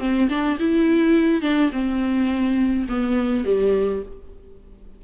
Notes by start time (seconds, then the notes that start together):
0.00 C4
0.29 D4
0.60 E4
1.42 D4
1.72 C4
2.89 B3
3.45 G3